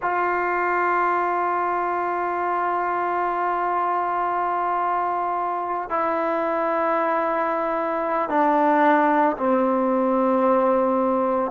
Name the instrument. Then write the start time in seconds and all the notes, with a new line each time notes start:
trombone
0.02 F4
5.89 E4
8.29 D4
9.37 C4